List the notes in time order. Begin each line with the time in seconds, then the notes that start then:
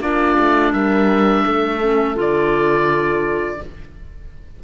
0.00 A#3 D4 F4 D5
0.39 A3
0.72 G3 A#4 E5
1.45 A3 A4
1.82 C#4
2.15 D3 F4 D5